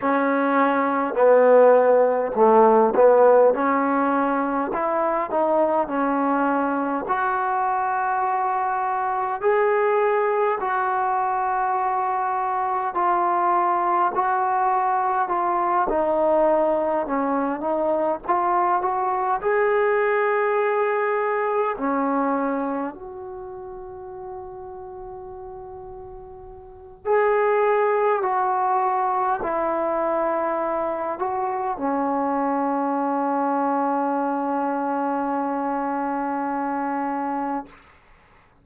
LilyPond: \new Staff \with { instrumentName = "trombone" } { \time 4/4 \tempo 4 = 51 cis'4 b4 a8 b8 cis'4 | e'8 dis'8 cis'4 fis'2 | gis'4 fis'2 f'4 | fis'4 f'8 dis'4 cis'8 dis'8 f'8 |
fis'8 gis'2 cis'4 fis'8~ | fis'2. gis'4 | fis'4 e'4. fis'8 cis'4~ | cis'1 | }